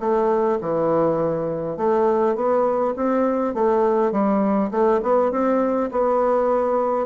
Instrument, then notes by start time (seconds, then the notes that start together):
bassoon
0.00 A3
0.61 E3
1.78 A3
2.36 B3
2.96 C4
3.55 A3
4.12 G3
4.71 A3
5.03 B3
5.32 C4
5.92 B3